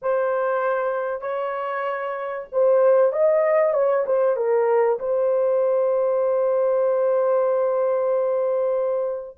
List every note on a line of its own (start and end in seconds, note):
0.02 1.21 C5
1.21 2.46 C#5
2.52 3.12 C5
3.12 3.73 D#5
3.73 4.05 C#5
4.06 4.36 C5
4.36 4.98 A#4
4.99 9.36 C5